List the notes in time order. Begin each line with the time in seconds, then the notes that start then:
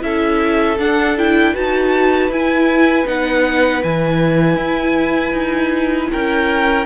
0.00 C#4 E4 A4 E5
0.79 D4 F#5
1.17 E4 G5
1.53 D#4 F#4 B4 A5
2.28 E4 G#5
3.06 B3 D#4 F#5
3.83 E3 E4 G#5
4.56 E4
5.32 D#4
6.11 C#4 A#4 G5